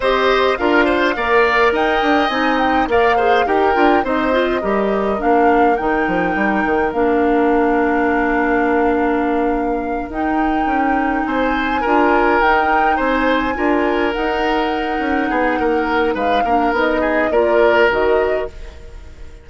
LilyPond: <<
  \new Staff \with { instrumentName = "flute" } { \time 4/4 \tempo 4 = 104 dis''4 f''2 g''4 | gis''8 g''8 f''4 g''4 dis''4~ | dis''4 f''4 g''2 | f''1~ |
f''4. g''2 gis''8~ | gis''4. g''4 gis''4.~ | gis''8 fis''2.~ fis''8 | f''4 dis''4 d''4 dis''4 | }
  \new Staff \with { instrumentName = "oboe" } { \time 4/4 c''4 ais'8 c''8 d''4 dis''4~ | dis''4 d''8 c''8 ais'4 c''4 | ais'1~ | ais'1~ |
ais'2.~ ais'8 c''8~ | c''8 ais'2 c''4 ais'8~ | ais'2~ ais'8 gis'8 ais'4 | b'8 ais'4 gis'8 ais'2 | }
  \new Staff \with { instrumentName = "clarinet" } { \time 4/4 g'4 f'4 ais'2 | dis'4 ais'8 gis'8 g'8 f'8 dis'8 f'8 | g'4 d'4 dis'2 | d'1~ |
d'4. dis'2~ dis'8~ | dis'8 f'4 dis'2 f'8~ | f'8 dis'2.~ dis'8~ | dis'8 d'8 dis'4 f'4 fis'4 | }
  \new Staff \with { instrumentName = "bassoon" } { \time 4/4 c'4 d'4 ais4 dis'8 d'8 | c'4 ais4 dis'8 d'8 c'4 | g4 ais4 dis8 f8 g8 dis8 | ais1~ |
ais4. dis'4 cis'4 c'8~ | c'8 d'4 dis'4 c'4 d'8~ | d'8 dis'4. cis'8 b8 ais4 | gis8 ais8 b4 ais4 dis4 | }
>>